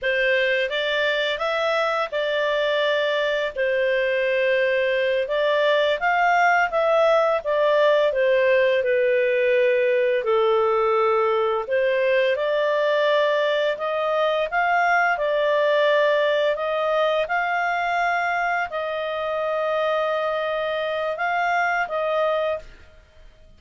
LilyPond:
\new Staff \with { instrumentName = "clarinet" } { \time 4/4 \tempo 4 = 85 c''4 d''4 e''4 d''4~ | d''4 c''2~ c''8 d''8~ | d''8 f''4 e''4 d''4 c''8~ | c''8 b'2 a'4.~ |
a'8 c''4 d''2 dis''8~ | dis''8 f''4 d''2 dis''8~ | dis''8 f''2 dis''4.~ | dis''2 f''4 dis''4 | }